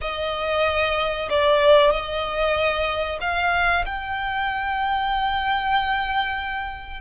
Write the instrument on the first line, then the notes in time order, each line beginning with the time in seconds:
violin
0.01 D#5
1.29 D5
1.91 D#5
3.21 F5
3.85 G5